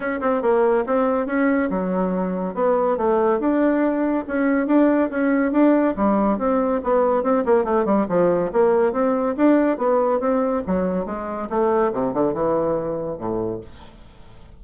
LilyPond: \new Staff \with { instrumentName = "bassoon" } { \time 4/4 \tempo 4 = 141 cis'8 c'8 ais4 c'4 cis'4 | fis2 b4 a4 | d'2 cis'4 d'4 | cis'4 d'4 g4 c'4 |
b4 c'8 ais8 a8 g8 f4 | ais4 c'4 d'4 b4 | c'4 fis4 gis4 a4 | c8 d8 e2 a,4 | }